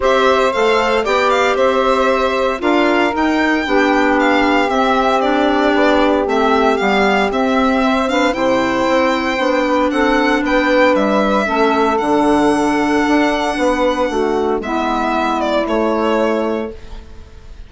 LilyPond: <<
  \new Staff \with { instrumentName = "violin" } { \time 4/4 \tempo 4 = 115 e''4 f''4 g''8 f''8 e''4~ | e''4 f''4 g''2 | f''4 e''4 d''2 | e''4 f''4 e''4. f''8 |
g''2. fis''4 | g''4 e''2 fis''4~ | fis''1 | e''4. d''8 cis''2 | }
  \new Staff \with { instrumentName = "saxophone" } { \time 4/4 c''2 d''4 c''4~ | c''4 ais'2 g'4~ | g'1~ | g'2. c''8 b'8 |
c''2~ c''8 b'8 a'4 | b'2 a'2~ | a'2 b'4 fis'4 | e'1 | }
  \new Staff \with { instrumentName = "clarinet" } { \time 4/4 g'4 a'4 g'2~ | g'4 f'4 dis'4 d'4~ | d'4 c'4 d'2 | c'4 b4 c'4. d'8 |
e'2 d'2~ | d'2 cis'4 d'4~ | d'1 | b2 a2 | }
  \new Staff \with { instrumentName = "bassoon" } { \time 4/4 c'4 a4 b4 c'4~ | c'4 d'4 dis'4 b4~ | b4 c'2 b4 | a4 g4 c'2 |
c4 c'4 b4 c'4 | b4 g4 a4 d4~ | d4 d'4 b4 a4 | gis2 a2 | }
>>